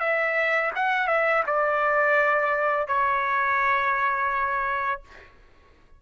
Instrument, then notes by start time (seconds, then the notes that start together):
trumpet
0.00 E5
0.76 F#5
1.08 E5
1.47 D5
2.88 C#5